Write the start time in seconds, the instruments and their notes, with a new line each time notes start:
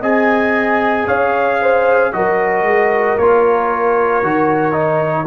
0.00 tuba C4, trombone G#4, horn D#5, trumpet G#5
1.07 tuba C#4, horn C#5, trumpet F5
1.61 horn C5
2.12 tuba F#3, trombone F#4, horn A#4, trumpet D#5
2.62 tuba G#3
3.17 tuba A#3, trombone F4, trumpet C#5
4.22 tuba D#3, trombone F#4
4.72 trombone D#4